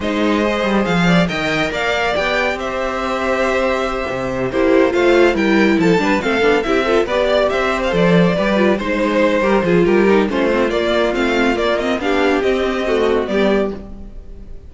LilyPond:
<<
  \new Staff \with { instrumentName = "violin" } { \time 4/4 \tempo 4 = 140 dis''2 f''4 g''4 | f''4 g''4 e''2~ | e''2~ e''8 c''4 f''8~ | f''8 g''4 a''4 f''4 e''8~ |
e''8 d''4 e''8. f''16 d''4.~ | d''8 c''2~ c''8 ais'4 | c''4 d''4 f''4 d''8 dis''8 | f''4 dis''2 d''4 | }
  \new Staff \with { instrumentName = "violin" } { \time 4/4 c''2~ c''8 d''8 dis''4 | d''2 c''2~ | c''2~ c''8 g'4 c''8~ | c''8 ais'4 a'8 b'8 a'4 g'8 |
a'8 b'8 d''8 c''2 b'8~ | b'8 c''4. ais'8 gis'8 g'4 | f'1 | g'2 fis'4 g'4 | }
  \new Staff \with { instrumentName = "viola" } { \time 4/4 dis'4 gis'2 ais'4~ | ais'4 g'2.~ | g'2~ g'8 e'4 f'8~ | f'8 e'4. d'8 c'8 d'8 e'8 |
f'8 g'2 a'4 g'8 | f'8 dis'4. g'8 f'4 dis'8 | cis'8 c'8 ais4 c'4 ais8 c'8 | d'4 c'4 a4 b4 | }
  \new Staff \with { instrumentName = "cello" } { \time 4/4 gis4. g8 f4 dis4 | ais4 b4 c'2~ | c'4. c4 ais4 a8~ | a8 g4 f8 g8 a8 b8 c'8~ |
c'8 b4 c'4 f4 g8~ | g8 gis4. g8 f8 g4 | a4 ais4 a4 ais4 | b4 c'2 g4 | }
>>